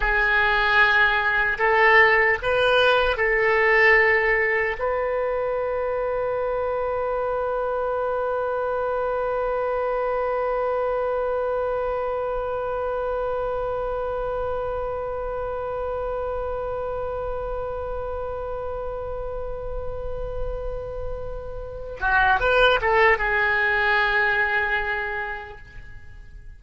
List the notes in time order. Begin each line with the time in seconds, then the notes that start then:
0.00 G#4
1.58 A4
2.42 B4
3.16 A4
4.79 B4
22.00 F#4
22.40 B4
22.81 A4
23.18 G#4